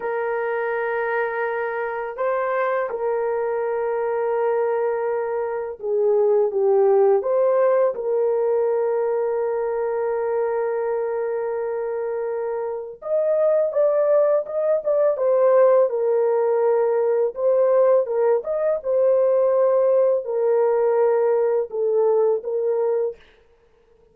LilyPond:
\new Staff \with { instrumentName = "horn" } { \time 4/4 \tempo 4 = 83 ais'2. c''4 | ais'1 | gis'4 g'4 c''4 ais'4~ | ais'1~ |
ais'2 dis''4 d''4 | dis''8 d''8 c''4 ais'2 | c''4 ais'8 dis''8 c''2 | ais'2 a'4 ais'4 | }